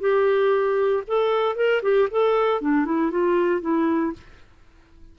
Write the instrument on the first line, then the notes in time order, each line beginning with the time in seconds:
clarinet
0.00 G4
1.07 A4
1.56 A#4
1.83 G4
2.11 A4
2.61 D4
2.85 E4
3.11 F4
3.61 E4